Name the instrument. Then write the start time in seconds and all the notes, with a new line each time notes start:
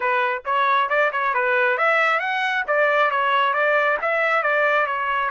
trumpet
0.00 B4
0.45 C#5
0.89 D5
1.11 C#5
1.34 B4
1.77 E5
2.19 F#5
2.67 D5
3.11 C#5
3.53 D5
4.01 E5
4.43 D5
4.86 C#5